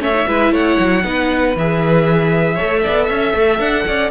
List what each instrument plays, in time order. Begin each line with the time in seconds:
0.00 cello A3, viola C#4, violin C#5 E5
0.14 viola D#4
0.27 cello G#3, viola E4, violin B4
0.52 cello A3, violin C#5 F#5
0.79 cello F#3
1.04 cello B3, viola D#4, violin B4
1.56 cello E3, viola G#4, violin E5
2.55 viola A4, violin C#5
2.61 cello A3
2.84 cello B3, violin D5
3.06 cello C#4, violin E5
3.34 cello A3
3.60 cello D4, violin F#5
3.87 cello C#4, violin D5